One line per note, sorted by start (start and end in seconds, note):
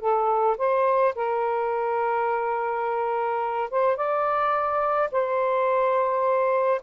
0.00 0.57 A4
0.58 1.14 C5
1.15 3.70 A#4
3.70 3.96 C5
3.96 5.10 D5
5.11 6.81 C5